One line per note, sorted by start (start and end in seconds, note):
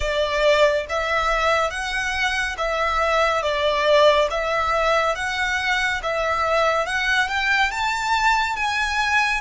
0.00 0.86 D5
0.89 1.70 E5
1.70 2.56 F#5
2.57 3.42 E5
3.42 4.28 D5
4.30 5.15 E5
5.15 6.01 F#5
6.02 6.86 E5
6.86 7.28 F#5
7.28 7.71 G5
7.71 8.56 A5
8.56 9.41 G#5